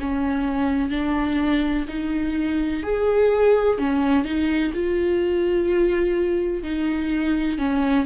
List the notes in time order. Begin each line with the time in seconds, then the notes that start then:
0.00 C#4
0.90 D4
1.88 D#4
2.83 G#4
3.78 C#4
4.25 D#4
4.74 F4
6.63 D#4
7.58 C#4